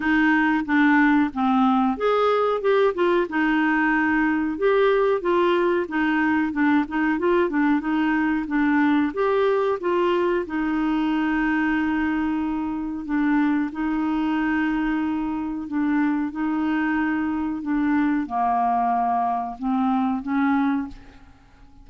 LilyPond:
\new Staff \with { instrumentName = "clarinet" } { \time 4/4 \tempo 4 = 92 dis'4 d'4 c'4 gis'4 | g'8 f'8 dis'2 g'4 | f'4 dis'4 d'8 dis'8 f'8 d'8 | dis'4 d'4 g'4 f'4 |
dis'1 | d'4 dis'2. | d'4 dis'2 d'4 | ais2 c'4 cis'4 | }